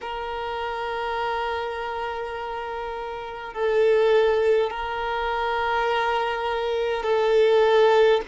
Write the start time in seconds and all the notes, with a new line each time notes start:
0.01 A#4
3.53 A4
4.70 A#4
7.03 A4